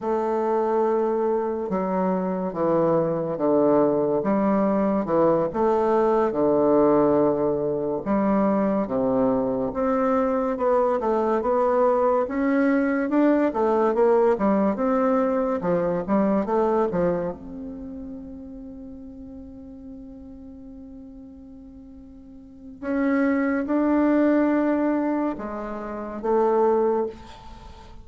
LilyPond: \new Staff \with { instrumentName = "bassoon" } { \time 4/4 \tempo 4 = 71 a2 fis4 e4 | d4 g4 e8 a4 d8~ | d4. g4 c4 c'8~ | c'8 b8 a8 b4 cis'4 d'8 |
a8 ais8 g8 c'4 f8 g8 a8 | f8 c'2.~ c'8~ | c'2. cis'4 | d'2 gis4 a4 | }